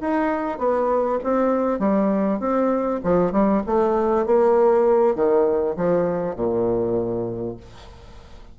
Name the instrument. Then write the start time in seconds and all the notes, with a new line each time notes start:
bassoon
0.00 D#4
0.58 B3
1.23 C4
1.79 G3
2.39 C4
3.03 F3
3.32 G3
3.66 A3
4.26 A#3
5.15 D#3
5.76 F3
6.36 A#2